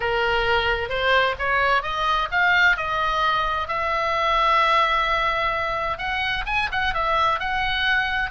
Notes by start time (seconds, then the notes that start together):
0.00 A#4
0.89 C5
1.38 C#5
1.82 D#5
2.31 F5
2.76 D#5
3.68 E5
5.98 F#5
6.46 G#5
6.71 F#5
6.94 E5
7.39 F#5